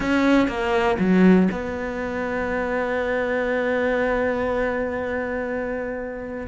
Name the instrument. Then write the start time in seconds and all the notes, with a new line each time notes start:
cello
0.00 C#4
0.48 A#3
0.99 F#3
1.51 B3